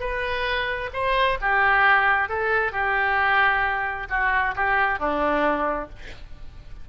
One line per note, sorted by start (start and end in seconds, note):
0.00 0.90 B4
0.93 1.38 C5
1.41 2.29 G4
2.29 2.72 A4
2.72 4.07 G4
4.10 4.55 F#4
4.56 4.99 G4
4.99 5.90 D4